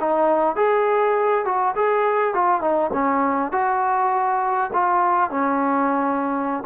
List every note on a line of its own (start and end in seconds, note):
0.00 0.56 D#4
0.56 1.45 G#4
1.45 1.74 F#4
1.75 2.34 G#4
2.34 2.61 F4
2.61 2.91 D#4
2.93 3.52 C#4
3.52 4.70 F#4
4.73 5.30 F4
5.30 6.64 C#4